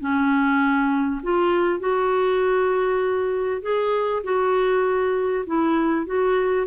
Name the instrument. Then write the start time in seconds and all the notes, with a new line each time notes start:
clarinet
0.00 C#4
1.23 F4
1.80 F#4
3.62 G#4
4.24 F#4
5.46 E4
6.06 F#4